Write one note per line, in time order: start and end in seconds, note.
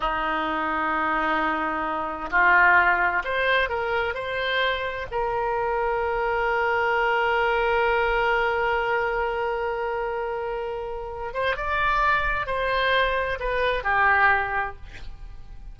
0.00 2.30 D#4
2.30 3.22 F4
3.24 3.69 C5
3.69 4.14 A#4
4.14 5.06 C5
5.11 11.33 A#4
11.33 11.56 C5
11.56 12.46 D5
12.46 13.38 C5
13.39 13.83 B4
13.83 14.76 G4